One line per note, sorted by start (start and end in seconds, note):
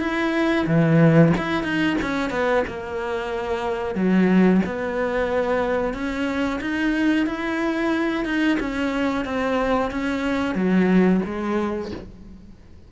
0.00 0.66 E4
0.67 1.33 E3
1.38 1.64 E4
1.64 1.97 D#4
2.02 2.30 C#4
2.30 2.63 B3
2.68 3.95 A#3
3.95 4.61 F#3
4.66 5.94 B3
5.94 6.60 C#4
6.61 7.26 D#4
7.26 8.25 E4
8.25 8.58 D#4
8.60 9.25 C#4
9.25 9.91 C4
9.91 10.55 C#4
10.55 11.21 F#3
11.26 11.92 G#3